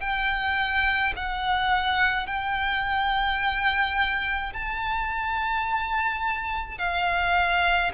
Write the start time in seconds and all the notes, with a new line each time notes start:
0.00 G5
1.16 F#5
2.26 G5
4.53 A5
6.78 F5